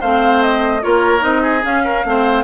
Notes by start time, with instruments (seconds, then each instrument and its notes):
0.00 bassoon A3, clarinet C4, oboe C5, flute F5
0.42 flute D#5
0.81 bassoon A#3, clarinet F4, oboe A#4, flute C#5
1.20 bassoon C4, clarinet D#4, flute D#5
1.42 oboe G#4
1.63 clarinet C#4, bassoon C#4, flute F5
1.84 oboe A#4
2.05 bassoon A3, clarinet C4, oboe C5